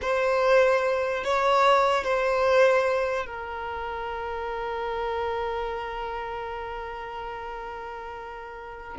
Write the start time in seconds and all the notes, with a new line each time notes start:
0.01 C5
1.24 C#5
2.04 C5
3.26 A#4